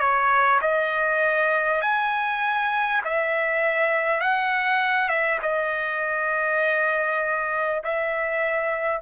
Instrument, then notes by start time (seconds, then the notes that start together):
trumpet
0.00 C#5
0.62 D#5
1.82 G#5
3.04 E5
4.21 F#5
5.09 E5
5.42 D#5
7.84 E5